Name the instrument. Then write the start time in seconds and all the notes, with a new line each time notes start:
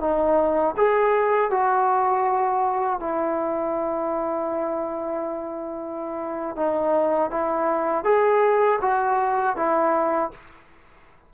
trombone
0.00 D#4
0.77 G#4
1.50 F#4
3.00 E4
6.56 D#4
7.31 E4
8.04 G#4
8.81 F#4
9.56 E4